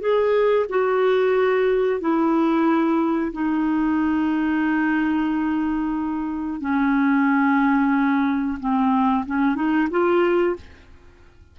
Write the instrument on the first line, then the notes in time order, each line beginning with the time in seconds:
clarinet
0.00 G#4
0.69 F#4
2.00 E4
3.33 D#4
6.61 C#4
8.60 C4
9.26 C#4
9.55 D#4
9.91 F4